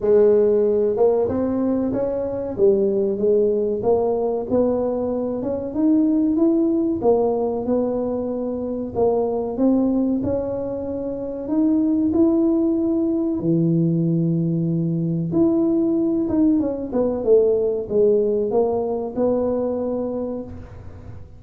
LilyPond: \new Staff \with { instrumentName = "tuba" } { \time 4/4 \tempo 4 = 94 gis4. ais8 c'4 cis'4 | g4 gis4 ais4 b4~ | b8 cis'8 dis'4 e'4 ais4 | b2 ais4 c'4 |
cis'2 dis'4 e'4~ | e'4 e2. | e'4. dis'8 cis'8 b8 a4 | gis4 ais4 b2 | }